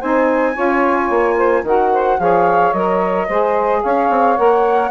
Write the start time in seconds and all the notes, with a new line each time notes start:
0.00 C4 D#4 C5 G#5
0.55 C#4 F4 C#5
1.10 A#3
1.37 C5
1.64 D#3 F#4 A#4 F#5
1.93 C5
2.20 F3 G#4 C#5 F5
2.73 F#3 A#4 D#5
3.28 G#3 G#4 C5
3.83 C#4 C#5 F5
4.10 C4
4.37 A#3 A#4 F#5